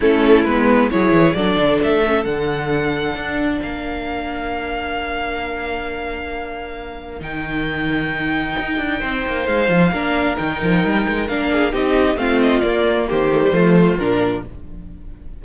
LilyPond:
<<
  \new Staff \with { instrumentName = "violin" } { \time 4/4 \tempo 4 = 133 a'4 b'4 cis''4 d''4 | e''4 fis''2. | f''1~ | f''1 |
g''1~ | g''4 f''2 g''4~ | g''4 f''4 dis''4 f''8 dis''8 | d''4 c''2 ais'4 | }
  \new Staff \with { instrumentName = "violin" } { \time 4/4 e'2 gis'4 a'4~ | a'1 | ais'1~ | ais'1~ |
ais'1 | c''2 ais'2~ | ais'4. gis'8 g'4 f'4~ | f'4 g'4 f'2 | }
  \new Staff \with { instrumentName = "viola" } { \time 4/4 cis'4 b4 e'4 d'4~ | d'8 cis'8 d'2.~ | d'1~ | d'1 |
dis'1~ | dis'2 d'4 dis'4~ | dis'4 d'4 dis'4 c'4 | ais4. a16 g16 a4 d'4 | }
  \new Staff \with { instrumentName = "cello" } { \time 4/4 a4 gis4 fis8 e8 fis8 d8 | a4 d2 d'4 | ais1~ | ais1 |
dis2. dis'8 d'8 | c'8 ais8 gis8 f8 ais4 dis8 f8 | g8 gis8 ais4 c'4 a4 | ais4 dis4 f4 ais,4 | }
>>